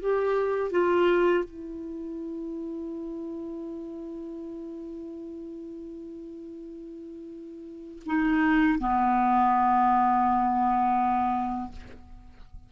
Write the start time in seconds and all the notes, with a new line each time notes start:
0.00 G4
0.71 F4
1.44 E4
8.06 D#4
8.79 B3